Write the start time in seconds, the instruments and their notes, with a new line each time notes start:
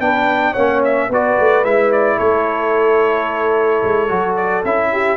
0.00 tuba B3, trombone D4, horn B4, trumpet G5
0.52 tuba A#3, trombone C#4, horn C#5, trumpet F#5
0.84 trumpet E5
1.09 tuba B3, trombone F#4, horn B4, trumpet D5
1.40 tuba A3
1.64 tuba G#3, trombone E4, trumpet E5
1.92 trumpet D5
2.17 tuba A3, horn A4, trumpet C#5
3.83 tuba G#3
4.08 tuba F#3, trombone F#4
4.36 trumpet D5
4.64 tuba C#4, trombone E4, trumpet E5
4.92 horn G4